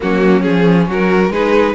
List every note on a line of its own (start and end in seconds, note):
0.00 0.46 F#3
0.00 0.40 A#3
0.00 0.87 C#4
0.00 0.42 F#4
0.40 0.87 F3
0.40 1.28 C#4
0.40 0.86 G#4
0.87 1.30 F#3
0.87 1.31 F#4
0.87 1.32 A#4
1.30 1.74 G#3
1.30 1.74 D#4
1.30 1.74 G#4
1.30 1.74 B4